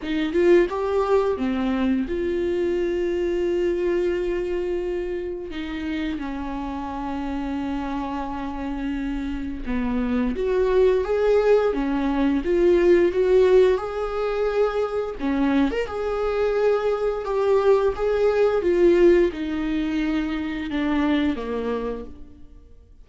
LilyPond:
\new Staff \with { instrumentName = "viola" } { \time 4/4 \tempo 4 = 87 dis'8 f'8 g'4 c'4 f'4~ | f'1 | dis'4 cis'2.~ | cis'2 b4 fis'4 |
gis'4 cis'4 f'4 fis'4 | gis'2 cis'8. ais'16 gis'4~ | gis'4 g'4 gis'4 f'4 | dis'2 d'4 ais4 | }